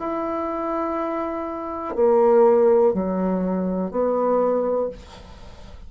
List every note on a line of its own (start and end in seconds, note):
0.00 1.96 E4
1.96 2.94 A#3
2.94 3.91 F#3
3.91 4.90 B3